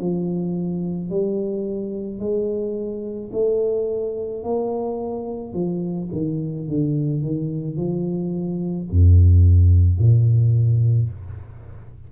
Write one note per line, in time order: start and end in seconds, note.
0.00 1.10 F3
1.10 2.20 G3
2.20 3.31 G#3
3.33 4.43 A3
4.43 5.54 A#3
5.54 6.09 F3
6.12 6.68 D#3
6.68 7.22 D3
7.22 7.77 D#3
7.77 8.88 F3
8.91 9.98 F2
9.98 11.10 A#2